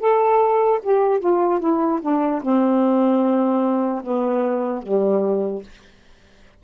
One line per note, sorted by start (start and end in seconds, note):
0.00 0.80 A4
0.84 1.20 G4
1.20 1.60 F4
1.60 2.00 E4
2.02 2.42 D4
2.43 4.03 C4
4.04 4.83 B3
4.83 5.63 G3